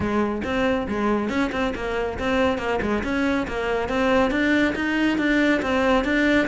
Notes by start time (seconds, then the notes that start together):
0.00 G#3
0.44 C4
0.88 G#3
1.29 C#4
1.51 C4
1.75 A#3
2.18 C4
2.58 A#3
2.81 G#3
3.03 C#4
3.47 A#3
3.88 C4
4.30 D4
4.75 D#4
5.18 D4
5.61 C4
6.04 D4